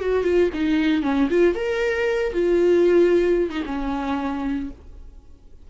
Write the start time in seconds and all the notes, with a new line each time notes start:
0.00 F#4
0.24 F4
0.54 D#4
1.03 C#4
1.30 F4
1.55 A#4
2.33 F4
3.51 D#4
3.66 C#4